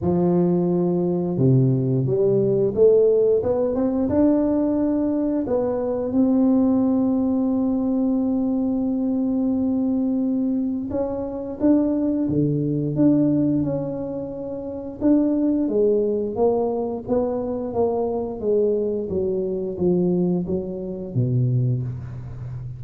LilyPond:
\new Staff \with { instrumentName = "tuba" } { \time 4/4 \tempo 4 = 88 f2 c4 g4 | a4 b8 c'8 d'2 | b4 c'2.~ | c'1 |
cis'4 d'4 d4 d'4 | cis'2 d'4 gis4 | ais4 b4 ais4 gis4 | fis4 f4 fis4 b,4 | }